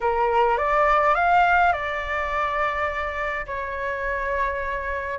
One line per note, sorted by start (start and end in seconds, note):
0.00 0.57 A#4
0.57 1.15 D5
1.15 1.72 F5
1.73 3.46 D5
3.46 5.18 C#5